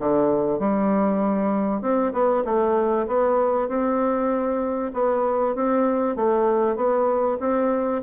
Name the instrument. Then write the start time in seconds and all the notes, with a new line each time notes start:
bassoon
0.00 D3
0.59 G3
1.82 C4
2.13 B3
2.45 A3
3.08 B3
3.69 C4
4.94 B3
5.56 C4
6.16 A3
6.76 B3
7.40 C4